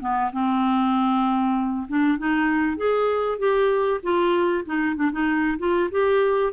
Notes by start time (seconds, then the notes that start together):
0.00 B3
0.32 C4
1.88 D4
2.18 D#4
2.77 G#4
3.39 G4
4.03 F4
4.65 D#4
4.95 D4
5.12 D#4
5.59 F4
5.91 G4